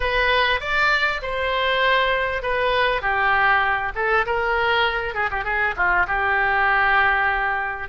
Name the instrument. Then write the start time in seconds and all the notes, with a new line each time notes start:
oboe
0.00 B4
0.60 D5
1.22 C5
2.42 B4
3.01 G4
3.95 A4
4.26 A#4
5.14 G#4
5.31 G4
5.44 G#4
5.76 F4
6.07 G4